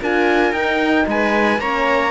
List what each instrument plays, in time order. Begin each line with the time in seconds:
0.00 cello D4, horn F4, viola A#4, trumpet G#5
0.52 cello D#4, horn D#4, trumpet G5
1.06 cello G#3, viola B4, trumpet G#5
1.59 cello A#3, horn C#4, viola C#5, trumpet A#5